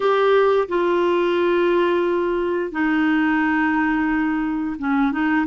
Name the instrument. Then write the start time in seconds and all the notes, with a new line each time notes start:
clarinet
0.00 G4
0.68 F4
2.71 D#4
4.79 C#4
5.12 D#4